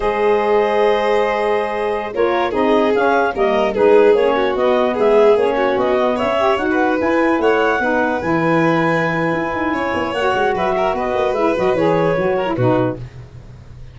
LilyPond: <<
  \new Staff \with { instrumentName = "clarinet" } { \time 4/4 \tempo 4 = 148 dis''1~ | dis''4~ dis''16 cis''4 dis''4 f''8.~ | f''16 dis''4 b'4 cis''4 dis''8.~ | dis''16 e''4 cis''4 dis''4 e''8.~ |
e''16 fis''4 gis''4 fis''4.~ fis''16~ | fis''16 gis''2.~ gis''8.~ | gis''4 fis''4 e''4 dis''4 | e''8 dis''8 cis''2 b'4 | }
  \new Staff \with { instrumentName = "violin" } { \time 4/4 c''1~ | c''4~ c''16 ais'4 gis'4.~ gis'16~ | gis'16 ais'4 gis'4. fis'4~ fis'16~ | fis'16 gis'4. fis'4. cis''8.~ |
cis''8 b'4.~ b'16 cis''4 b'8.~ | b'1 | cis''2 b'8 ais'8 b'4~ | b'2~ b'8 ais'8 fis'4 | }
  \new Staff \with { instrumentName = "saxophone" } { \time 4/4 gis'1~ | gis'4~ gis'16 f'4 dis'4 cis'8.~ | cis'16 ais4 dis'4 cis'4 b8.~ | b4~ b16 cis'4. b4 g'16~ |
g'16 fis'4 e'2 dis'8.~ | dis'16 e'2.~ e'8.~ | e'4 fis'2. | e'8 fis'8 gis'4 fis'8. e'16 dis'4 | }
  \new Staff \with { instrumentName = "tuba" } { \time 4/4 gis1~ | gis4~ gis16 ais4 c'4 cis'8.~ | cis'16 g4 gis4 ais4 b8.~ | b16 gis4 ais4 b4 cis'8.~ |
cis'16 dis'4 e'4 a4 b8.~ | b16 e2~ e8. e'8 dis'8 | cis'8 b8 ais8 gis8 fis4 b8 ais8 | gis8 fis8 e4 fis4 b,4 | }
>>